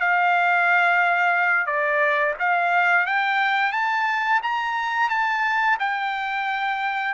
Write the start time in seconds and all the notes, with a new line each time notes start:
0.00 F5
1.66 D5
2.40 F5
3.07 G5
3.73 A5
4.43 A#5
5.10 A5
5.79 G5